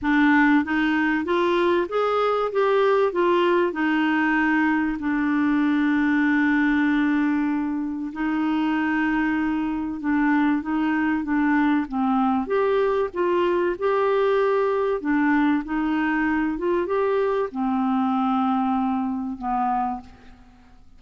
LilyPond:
\new Staff \with { instrumentName = "clarinet" } { \time 4/4 \tempo 4 = 96 d'4 dis'4 f'4 gis'4 | g'4 f'4 dis'2 | d'1~ | d'4 dis'2. |
d'4 dis'4 d'4 c'4 | g'4 f'4 g'2 | d'4 dis'4. f'8 g'4 | c'2. b4 | }